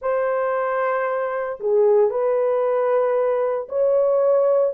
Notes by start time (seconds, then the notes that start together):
0.01 C5
1.59 G#4
2.10 B4
3.68 C#5